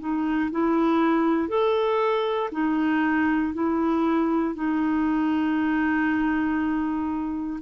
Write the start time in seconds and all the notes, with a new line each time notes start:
0.00 D#4
0.52 E4
1.49 A4
2.52 D#4
3.54 E4
4.55 D#4